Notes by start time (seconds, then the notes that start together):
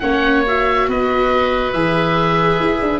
0.00 A#3 C#4 C#5 F#5
0.47 F#4 E5
0.88 B3 B4 D#5
1.72 E3 G#4 E5
2.60 E4
2.82 D4